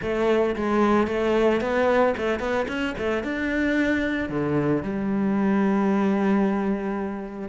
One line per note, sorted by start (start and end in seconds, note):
0.02 0.55 A3
0.56 1.07 G#3
1.07 1.60 A3
1.60 2.14 B3
2.17 2.39 A3
2.39 2.66 B3
2.68 2.95 C#4
2.97 3.23 A3
3.23 4.29 D4
4.29 4.82 D3
4.82 7.49 G3